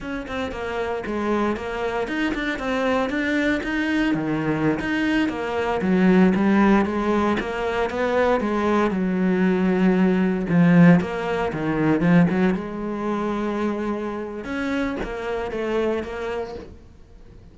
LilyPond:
\new Staff \with { instrumentName = "cello" } { \time 4/4 \tempo 4 = 116 cis'8 c'8 ais4 gis4 ais4 | dis'8 d'8 c'4 d'4 dis'4 | dis4~ dis16 dis'4 ais4 fis8.~ | fis16 g4 gis4 ais4 b8.~ |
b16 gis4 fis2~ fis8.~ | fis16 f4 ais4 dis4 f8 fis16~ | fis16 gis2.~ gis8. | cis'4 ais4 a4 ais4 | }